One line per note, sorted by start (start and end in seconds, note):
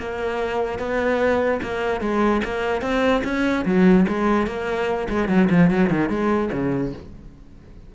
0.00 0.79 A#3
0.79 1.61 B3
1.63 2.01 A#3
2.01 2.42 G#3
2.45 2.82 A#3
2.82 3.22 C4
3.24 3.65 C#4
3.65 4.06 F#3
4.08 4.47 G#3
4.47 5.08 A#3
5.09 5.29 G#3
5.29 5.49 F#3
5.50 5.71 F3
5.71 5.90 F#3
5.90 6.10 D#3
6.10 6.50 G#3
6.53 6.94 C#3